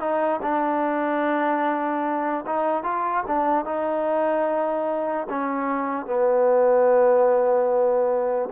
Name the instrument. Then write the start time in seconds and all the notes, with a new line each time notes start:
trombone
0.00 D#4
0.42 D4
2.46 D#4
2.83 F4
3.27 D4
3.65 D#4
5.30 C#4
6.06 B3